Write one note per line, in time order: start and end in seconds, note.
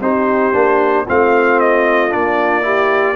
0.00 0.53 C4
0.00 0.53 D#4
0.00 1.06 G4
0.00 1.07 C5
0.53 1.06 A#3
0.53 1.06 D4
1.06 2.14 A3
1.06 2.10 C4
1.06 2.64 F4
1.06 1.60 F5
1.60 2.12 D#5
2.10 3.16 A#3
2.10 2.62 D4
2.10 3.16 D5
2.62 3.15 E4
2.62 3.16 G4